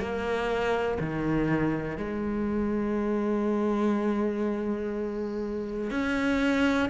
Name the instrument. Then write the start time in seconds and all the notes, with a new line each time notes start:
cello
0.00 A#3
1.00 D#3
1.98 G#3
5.91 C#4